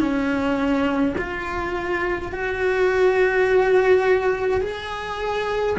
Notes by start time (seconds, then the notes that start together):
0.00 C#4
1.18 F4
2.32 F#4
4.62 G#4